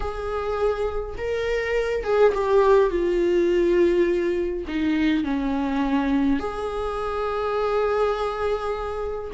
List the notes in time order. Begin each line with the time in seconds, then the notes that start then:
0.00 G#4
1.17 A#4
2.03 G#4
2.34 G4
2.90 F4
4.67 D#4
5.23 C#4
6.39 G#4